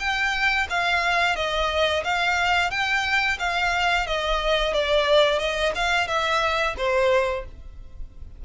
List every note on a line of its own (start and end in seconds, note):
0.00 0.67 G5
0.70 1.36 F5
1.36 2.04 D#5
2.05 2.71 F5
2.71 3.38 G5
3.40 4.07 F5
4.07 4.74 D#5
4.74 5.39 D5
5.39 5.73 D#5
5.75 6.08 F5
6.08 6.75 E5
6.78 7.45 C5